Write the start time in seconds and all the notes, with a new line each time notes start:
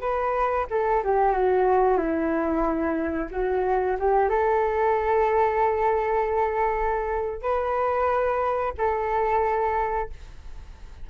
0.00 B4
0.70 A4
1.04 G4
1.32 F#4
1.97 E4
3.31 F#4
3.99 G4
4.29 A4
7.41 B4
8.78 A4